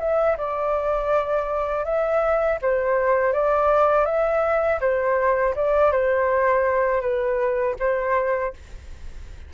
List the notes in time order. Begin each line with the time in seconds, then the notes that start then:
0.00 E5
0.38 D5
1.85 E5
2.62 C5
3.34 D5
4.06 E5
4.81 C5
5.56 D5
5.92 C5
7.02 B4
7.80 C5